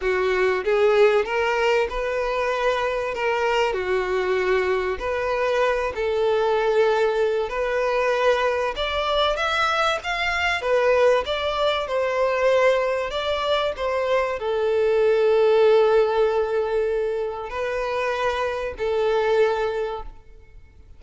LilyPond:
\new Staff \with { instrumentName = "violin" } { \time 4/4 \tempo 4 = 96 fis'4 gis'4 ais'4 b'4~ | b'4 ais'4 fis'2 | b'4. a'2~ a'8 | b'2 d''4 e''4 |
f''4 b'4 d''4 c''4~ | c''4 d''4 c''4 a'4~ | a'1 | b'2 a'2 | }